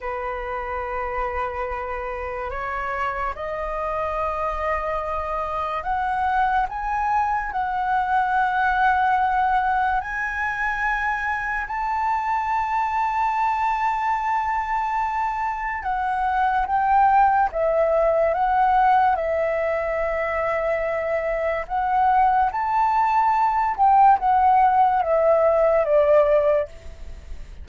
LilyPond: \new Staff \with { instrumentName = "flute" } { \time 4/4 \tempo 4 = 72 b'2. cis''4 | dis''2. fis''4 | gis''4 fis''2. | gis''2 a''2~ |
a''2. fis''4 | g''4 e''4 fis''4 e''4~ | e''2 fis''4 a''4~ | a''8 g''8 fis''4 e''4 d''4 | }